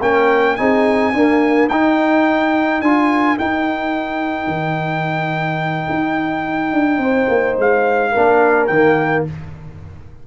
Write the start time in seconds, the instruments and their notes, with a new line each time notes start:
0.00 tuba A#3, trombone C#4, horn A#4, trumpet G5
0.56 tuba C4, trombone D#4, horn G#4, trumpet G#5
1.13 trombone A#3, tuba D4, horn A#4
1.69 tuba D#4, trombone D#4, trumpet G5
2.81 tuba D4, trombone F4, trumpet G#5
3.38 trombone D#4, tuba D#4, trumpet G5
4.47 tuba D#3
5.89 tuba D#4
6.72 tuba D4
6.98 tuba C4, horn C5
7.28 tuba A#3
7.57 tuba G#3, trumpet F5
8.11 tuba A#3, trombone D4, horn A#4
8.66 tuba D#3, trombone A#3, trumpet G5